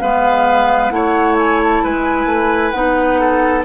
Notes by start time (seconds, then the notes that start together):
0.00 G#3 B3 B4 F5
0.90 A3 E4 C#5 F#5
1.39 G#5
1.64 A5
1.84 G#3 B4 G#5
2.26 A3
2.72 B3 D#4 F#5
3.20 A4